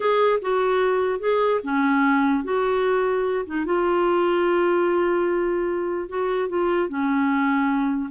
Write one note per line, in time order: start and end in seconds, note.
0.00 0.39 G#4
0.41 1.19 F#4
1.19 1.60 G#4
1.63 2.44 C#4
2.44 3.45 F#4
3.46 3.65 D#4
3.65 6.08 F4
6.08 6.48 F#4
6.48 6.88 F4
6.88 8.10 C#4